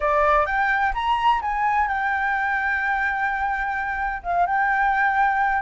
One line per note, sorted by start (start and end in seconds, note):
0.00 0.46 D5
0.46 0.92 G5
0.94 1.41 A#5
1.41 1.88 G#5
1.88 4.22 G5
4.23 4.46 F5
4.46 5.62 G5